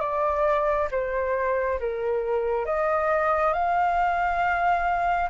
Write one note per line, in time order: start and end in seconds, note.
0.00 0.88 D5
0.91 1.79 C5
1.79 2.66 A#4
2.66 3.53 D#5
3.53 5.29 F5